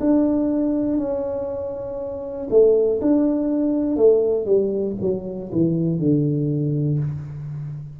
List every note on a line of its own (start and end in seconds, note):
0.00 0.98 D4
0.98 2.48 C#4
2.50 3.00 A3
3.01 3.96 D4
3.96 4.45 A3
4.45 4.95 G3
5.01 5.51 F#3
5.52 5.98 E3
5.98 6.98 D3